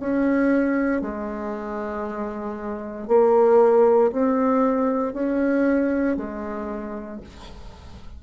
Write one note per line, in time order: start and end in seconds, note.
0.00 1.01 C#4
1.01 3.08 G#3
3.08 4.11 A#3
4.12 5.13 C4
5.13 6.17 C#4
6.17 7.20 G#3